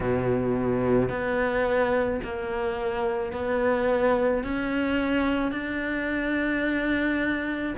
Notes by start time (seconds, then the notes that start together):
0.00 B2
1.09 B3
2.23 A#3
3.32 B3
4.43 C#4
5.52 D4